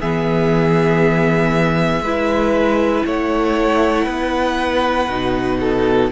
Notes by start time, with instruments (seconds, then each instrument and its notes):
0.00 cello E3, viola B3, violin G#4 E5
2.01 cello G#3, viola E4, violin B4
3.05 cello A3, violin C#5 F#5
4.04 cello B3, violin B4
5.08 cello B2, viola D#4
5.59 violin A4